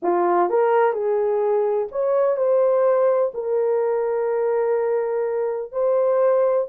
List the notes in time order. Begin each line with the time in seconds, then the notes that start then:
0.02 F4
0.49 A#4
0.92 G#4
1.91 C#5
2.36 C5
3.33 A#4
5.72 C5